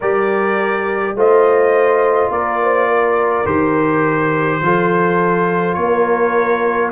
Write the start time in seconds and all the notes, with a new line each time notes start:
0.00 G3 G4 A#4 D5
1.13 A3 F4 C5 D#5
2.29 A#3 A#4 D5
2.62 C5
2.87 A#4
3.45 D#3 G4 C5
4.61 F3 F4 A4
5.74 A#3 A#4 C#5